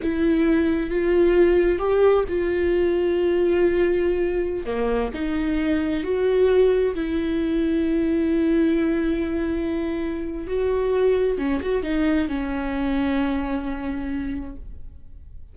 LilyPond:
\new Staff \with { instrumentName = "viola" } { \time 4/4 \tempo 4 = 132 e'2 f'2 | g'4 f'2.~ | f'2~ f'16 ais4 dis'8.~ | dis'4~ dis'16 fis'2 e'8.~ |
e'1~ | e'2. fis'4~ | fis'4 cis'8 fis'8 dis'4 cis'4~ | cis'1 | }